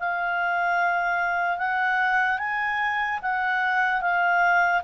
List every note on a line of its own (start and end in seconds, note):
0.00 1.58 F5
1.58 2.39 F#5
2.39 3.20 G#5
3.22 4.02 F#5
4.02 4.83 F5